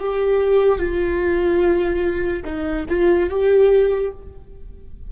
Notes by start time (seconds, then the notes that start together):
0.00 G4
0.79 F4
2.45 D#4
2.89 F4
3.30 G4